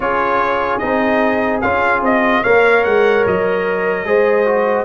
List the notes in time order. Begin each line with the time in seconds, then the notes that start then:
0.00 C#4 F4 G#4 C#5
0.78 C4 D#4 D#5
1.61 C#4 F4 F5
2.01 C4 D#5
2.42 A#3 A#4 C#5 F5
2.84 G#3 F#5
3.26 F#3 D#5
4.05 G#3 G#4 C5
4.45 F#4